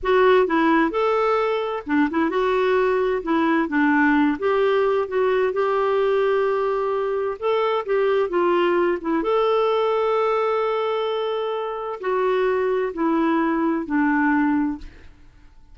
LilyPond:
\new Staff \with { instrumentName = "clarinet" } { \time 4/4 \tempo 4 = 130 fis'4 e'4 a'2 | d'8 e'8 fis'2 e'4 | d'4. g'4. fis'4 | g'1 |
a'4 g'4 f'4. e'8 | a'1~ | a'2 fis'2 | e'2 d'2 | }